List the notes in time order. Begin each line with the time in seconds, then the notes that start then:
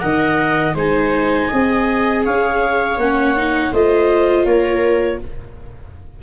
0.00 D#3 A#4 D#5 F#5
0.75 G#3 D#4 C5 G#5
1.49 C4 G#4 D#5
2.25 C#4 C#5 F5
2.98 A#3 C#4 F#5
3.37 D#4
3.72 A3 F4 C5 D#5
4.46 A#3 A#4 C#5